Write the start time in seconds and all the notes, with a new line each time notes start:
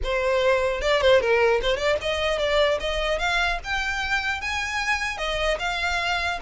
0.03 C5
0.81 D5
1.01 C5
1.21 A#4
1.61 C5
1.76 D5
2.01 D#5
2.38 D5
2.79 D#5
3.18 F5
3.64 G5
4.41 G#5
5.17 D#5
5.59 F5